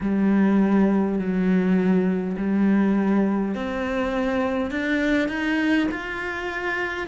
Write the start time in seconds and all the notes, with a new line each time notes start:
0.00 G3
1.18 F#3
2.37 G3
3.55 C4
4.71 D4
5.28 D#4
5.91 F4